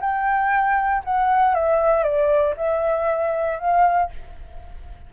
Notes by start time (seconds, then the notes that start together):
0.00 G5
1.04 F#5
1.54 E5
2.03 D5
2.56 E5
3.59 F5